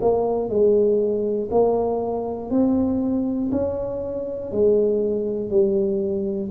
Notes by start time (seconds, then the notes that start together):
0.00 A#3
0.49 G#3
1.50 A#3
2.50 C4
3.51 C#4
4.51 G#3
5.50 G3